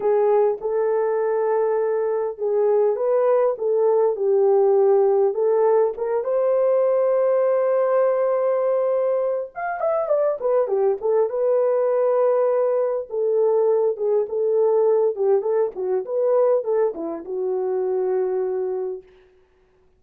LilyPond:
\new Staff \with { instrumentName = "horn" } { \time 4/4 \tempo 4 = 101 gis'4 a'2. | gis'4 b'4 a'4 g'4~ | g'4 a'4 ais'8 c''4.~ | c''1 |
f''8 e''8 d''8 b'8 g'8 a'8 b'4~ | b'2 a'4. gis'8 | a'4. g'8 a'8 fis'8 b'4 | a'8 e'8 fis'2. | }